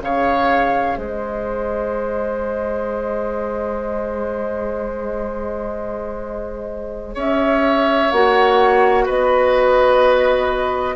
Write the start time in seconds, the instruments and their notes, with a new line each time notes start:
0.00 bassoon C#3, clarinet G#4, oboe C#5, flute F5
0.97 bassoon G#3, oboe C5, flute D#5
7.15 bassoon C#4, oboe C#5, flute E5
8.12 bassoon A#3, clarinet F#4, flute F#5
9.06 bassoon B3, oboe B4, flute D#5